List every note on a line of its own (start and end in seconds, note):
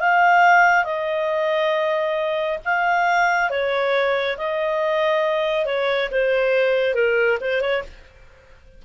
0.00 0.85 F5
0.85 2.58 D#5
2.65 3.50 F5
3.50 4.37 C#5
4.38 5.66 D#5
5.66 6.09 C#5
6.11 6.94 C5
6.94 7.38 A#4
7.41 7.61 C5
7.61 7.83 C#5